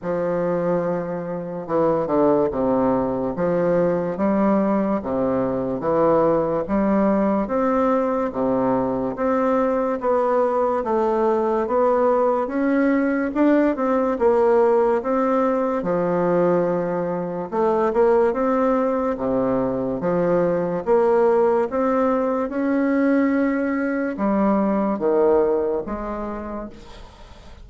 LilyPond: \new Staff \with { instrumentName = "bassoon" } { \time 4/4 \tempo 4 = 72 f2 e8 d8 c4 | f4 g4 c4 e4 | g4 c'4 c4 c'4 | b4 a4 b4 cis'4 |
d'8 c'8 ais4 c'4 f4~ | f4 a8 ais8 c'4 c4 | f4 ais4 c'4 cis'4~ | cis'4 g4 dis4 gis4 | }